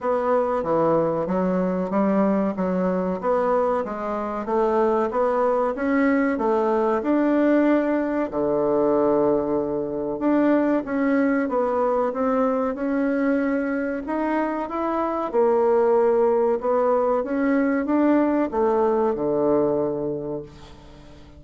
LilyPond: \new Staff \with { instrumentName = "bassoon" } { \time 4/4 \tempo 4 = 94 b4 e4 fis4 g4 | fis4 b4 gis4 a4 | b4 cis'4 a4 d'4~ | d'4 d2. |
d'4 cis'4 b4 c'4 | cis'2 dis'4 e'4 | ais2 b4 cis'4 | d'4 a4 d2 | }